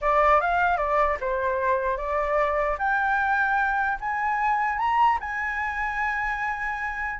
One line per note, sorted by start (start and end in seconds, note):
0.01 0.40 D5
0.40 0.77 F5
0.77 1.17 D5
1.20 1.97 C5
1.97 2.77 D5
2.78 3.98 G5
4.00 4.78 G#5
4.78 5.18 A#5
5.20 7.19 G#5